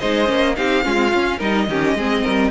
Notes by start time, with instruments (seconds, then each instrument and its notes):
0.00 cello G#3, viola D#4, violin C5 D#5
0.26 cello A#3, viola C#4
0.56 cello C4, viola D#4, violin G4 F5
0.84 cello G#3, viola C#4, violin F4
0.95 viola C4
1.14 cello C#4, viola C#4
1.39 cello G3, viola D#4, violin A#4 D#5
1.68 cello D#3, viola C#4, violin G4
1.94 cello G#3, viola C4, violin G#4
2.24 cello G3, violin A#4